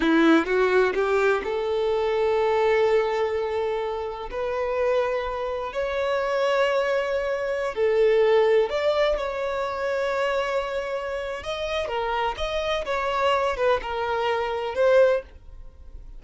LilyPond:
\new Staff \with { instrumentName = "violin" } { \time 4/4 \tempo 4 = 126 e'4 fis'4 g'4 a'4~ | a'1~ | a'4 b'2. | cis''1~ |
cis''16 a'2 d''4 cis''8.~ | cis''1 | dis''4 ais'4 dis''4 cis''4~ | cis''8 b'8 ais'2 c''4 | }